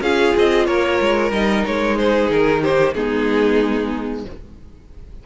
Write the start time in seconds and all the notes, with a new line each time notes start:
0.00 C#4 F4 G#4 F5
0.37 C4 D#5
0.65 A#3 A#4 C#5
1.00 G#3
1.31 G3 D#4 D#5
1.65 G#3 C#5
1.98 G#4 C5
2.29 D#3 A#4
2.61 G4 C5
2.93 G#3 B3 D#4 G#4